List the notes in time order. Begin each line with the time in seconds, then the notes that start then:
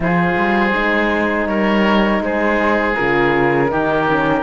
0.00 F3 F4 G#4 C5
0.37 G3
0.73 G#3 D#4
1.46 G3 A#4 C#5
2.20 G#3 G#4 C5
2.95 C#3 F4 A#4
3.68 D#3 D#4 G4
4.06 C#4